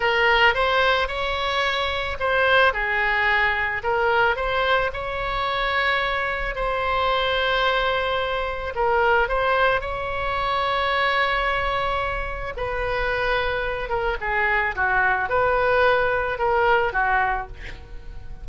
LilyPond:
\new Staff \with { instrumentName = "oboe" } { \time 4/4 \tempo 4 = 110 ais'4 c''4 cis''2 | c''4 gis'2 ais'4 | c''4 cis''2. | c''1 |
ais'4 c''4 cis''2~ | cis''2. b'4~ | b'4. ais'8 gis'4 fis'4 | b'2 ais'4 fis'4 | }